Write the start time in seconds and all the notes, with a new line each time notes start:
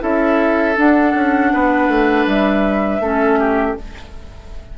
0.00 C#4 E4 A4 E5
0.76 D4 F#5
1.15 C#4
1.53 B3 B4
1.88 A3
2.27 G3 E5
3.00 A3 C#4 A4
3.40 G4